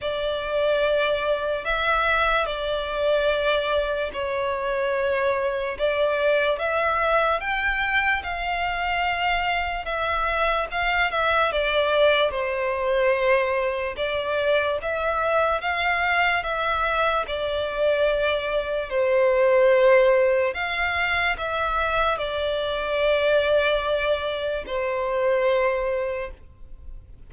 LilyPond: \new Staff \with { instrumentName = "violin" } { \time 4/4 \tempo 4 = 73 d''2 e''4 d''4~ | d''4 cis''2 d''4 | e''4 g''4 f''2 | e''4 f''8 e''8 d''4 c''4~ |
c''4 d''4 e''4 f''4 | e''4 d''2 c''4~ | c''4 f''4 e''4 d''4~ | d''2 c''2 | }